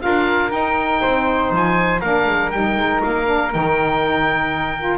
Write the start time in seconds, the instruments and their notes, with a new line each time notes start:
0.00 double bass D4, saxophone F4, flute A#4, oboe F5
0.50 saxophone D#4, double bass D#4, oboe G5
1.01 double bass C4, flute C5
1.51 double bass F3, oboe G#5
2.00 double bass A#3, saxophone D4, flute A#4, oboe F5
2.27 double bass G#3
2.51 double bass G3, saxophone D#4, oboe G5
2.76 double bass G#3
3.04 double bass A#3, oboe F5
3.25 saxophone D4
3.52 double bass D#3, saxophone D#4, oboe G5
4.79 saxophone F4